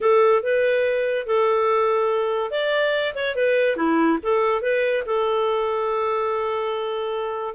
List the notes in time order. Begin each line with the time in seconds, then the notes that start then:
0.00 A4
0.42 B4
1.26 A4
2.50 D5
3.14 C#5
3.35 B4
3.76 E4
4.22 A4
4.61 B4
5.06 A4